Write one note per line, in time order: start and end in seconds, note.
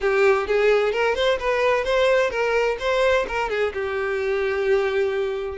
0.00 0.47 G4
0.47 0.92 G#4
0.92 1.15 A#4
1.15 1.38 C5
1.39 1.84 B4
1.84 2.30 C5
2.30 2.77 A#4
2.79 3.26 C5
3.28 3.49 A#4
3.49 3.73 G#4
3.73 5.57 G4